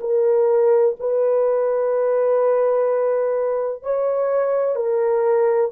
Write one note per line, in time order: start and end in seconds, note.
0.00 0.95 A#4
1.00 3.82 B4
3.82 4.75 C#5
4.75 5.71 A#4